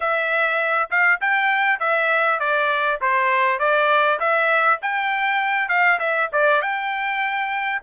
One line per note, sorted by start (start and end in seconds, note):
0.00 0.89 E5
0.90 1.20 F5
1.20 1.79 G5
1.79 2.39 E5
2.39 2.99 D5
3.01 3.59 C5
3.59 4.19 D5
4.19 4.79 E5
4.82 5.68 G5
5.68 5.98 F5
5.99 6.29 E5
6.32 6.61 D5
6.61 7.81 G5